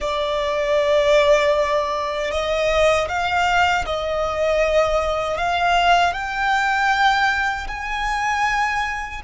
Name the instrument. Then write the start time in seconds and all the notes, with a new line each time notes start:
violin
0.00 D5
2.31 D#5
3.08 F5
3.85 D#5
5.37 F5
6.13 G5
7.67 G#5